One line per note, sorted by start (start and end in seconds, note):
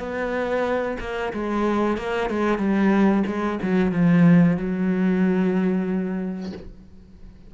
0.00 0.98 B3
1.00 1.33 A#3
1.34 1.98 G#3
1.98 2.30 A#3
2.30 2.59 G#3
2.59 3.24 G3
3.27 3.60 G#3
3.63 3.92 F#3
3.92 4.57 F3
4.57 6.53 F#3